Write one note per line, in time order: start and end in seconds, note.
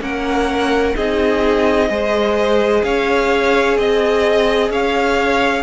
0.00 0.94 A#3
0.00 0.94 C#4
0.00 0.96 A#4
0.00 0.96 F#5
0.96 1.89 C4
0.96 1.89 D#4
0.96 1.90 G#4
0.96 2.83 D#5
1.89 2.83 G#3
1.89 5.62 G#4
1.89 2.84 C5
2.83 3.77 C#4
2.83 3.77 C#5
2.83 3.77 F5
3.77 4.70 C4
3.77 4.71 D#5
4.70 5.62 C#4
4.70 5.62 C#5
4.70 5.62 F5